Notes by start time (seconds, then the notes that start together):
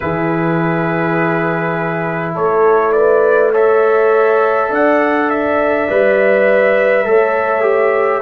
0.00 E3 E4 G#4 B4
2.34 A3 A4 C#5
2.92 B4 D5
3.52 A4 C#5 E5
4.69 D4 D5 F#5
5.29 E5
5.88 G3 B4
7.05 A3 A4 C#5
7.62 G4